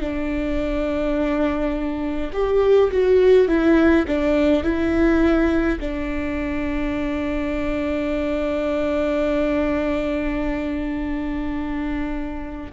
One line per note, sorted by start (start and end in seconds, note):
0.00 2.31 D4
2.33 2.91 G4
2.91 3.48 F#4
3.48 4.05 E4
4.08 4.64 D4
4.64 5.79 E4
5.80 12.72 D4